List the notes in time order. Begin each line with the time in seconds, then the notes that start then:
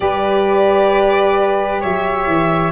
0.00 G3 G4 B4 D5
1.80 F#3 C#5 E5
2.26 E3